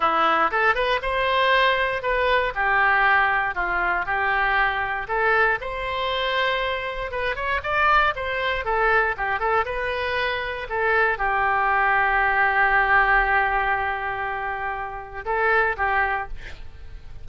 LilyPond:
\new Staff \with { instrumentName = "oboe" } { \time 4/4 \tempo 4 = 118 e'4 a'8 b'8 c''2 | b'4 g'2 f'4 | g'2 a'4 c''4~ | c''2 b'8 cis''8 d''4 |
c''4 a'4 g'8 a'8 b'4~ | b'4 a'4 g'2~ | g'1~ | g'2 a'4 g'4 | }